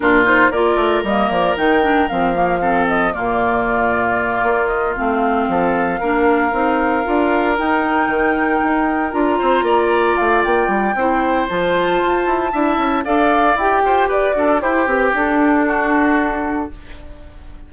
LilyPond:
<<
  \new Staff \with { instrumentName = "flute" } { \time 4/4 \tempo 4 = 115 ais'8 c''8 d''4 dis''8 d''8 g''4 | f''4. dis''8 d''2~ | d''4 dis''8 f''2~ f''8~ | f''2~ f''8 g''4.~ |
g''4. ais''2 f''8 | g''2 a''2~ | a''4 f''4 g''4 d''4 | c''8 b'8 a'2. | }
  \new Staff \with { instrumentName = "oboe" } { \time 4/4 f'4 ais'2.~ | ais'4 a'4 f'2~ | f'2~ f'8 a'4 ais'8~ | ais'1~ |
ais'2 c''8 d''4.~ | d''4 c''2. | e''4 d''4. c''8 b'8 a'8 | g'2 fis'2 | }
  \new Staff \with { instrumentName = "clarinet" } { \time 4/4 d'8 dis'8 f'4 ais4 dis'8 d'8 | c'8 ais8 c'4 ais2~ | ais4. c'2 d'8~ | d'8 dis'4 f'4 dis'4.~ |
dis'4. f'2~ f'8~ | f'4 e'4 f'2 | e'4 a'4 g'4. d'8 | e'8 g'8 d'2. | }
  \new Staff \with { instrumentName = "bassoon" } { \time 4/4 ais,4 ais8 a8 g8 f8 dis4 | f2 ais,2~ | ais,8 ais4 a4 f4 ais8~ | ais8 c'4 d'4 dis'4 dis8~ |
dis8 dis'4 d'8 c'8 ais4 a8 | ais8 g8 c'4 f4 f'8 e'8 | d'8 cis'8 d'4 e'8 f'8 g'8 fis'8 | e'8 c'8 d'2. | }
>>